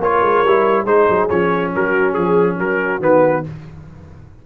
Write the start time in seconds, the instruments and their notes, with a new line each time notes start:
0.00 tuba A#3, trombone F4, horn A#4, trumpet C#5
0.22 tuba G#3
0.45 tuba G3, trombone E4
0.85 tuba G#3, trombone D#4, horn G#4, trumpet C5
1.10 tuba F#3
1.30 tuba F3, trombone C#4, trumpet C#5
1.76 tuba F#3, horn F#4, trumpet A#4
2.14 tuba F3, trumpet G#4, horn G#4
2.59 tuba F#3, horn F#4, trumpet A#4
3.00 tuba D#3, trombone B3, trumpet B4